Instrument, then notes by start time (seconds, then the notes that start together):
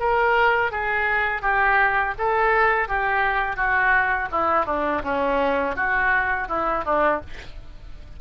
oboe
0.00 A#4
0.72 G#4
1.42 G4
2.19 A4
2.88 G4
3.57 F#4
4.32 E4
4.66 D4
5.04 C#4
5.76 F#4
6.49 E4
6.85 D4